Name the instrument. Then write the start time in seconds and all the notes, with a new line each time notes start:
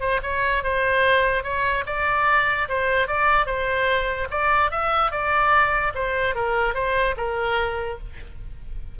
oboe
0.00 C5
0.22 C#5
0.63 C5
1.43 C#5
1.86 D5
2.68 C5
3.07 D5
3.46 C5
4.30 D5
4.71 E5
5.12 D5
5.95 C5
6.35 A#4
6.74 C5
7.17 A#4